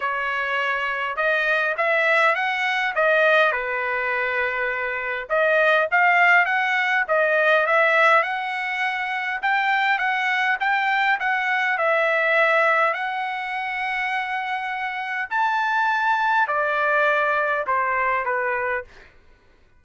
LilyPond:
\new Staff \with { instrumentName = "trumpet" } { \time 4/4 \tempo 4 = 102 cis''2 dis''4 e''4 | fis''4 dis''4 b'2~ | b'4 dis''4 f''4 fis''4 | dis''4 e''4 fis''2 |
g''4 fis''4 g''4 fis''4 | e''2 fis''2~ | fis''2 a''2 | d''2 c''4 b'4 | }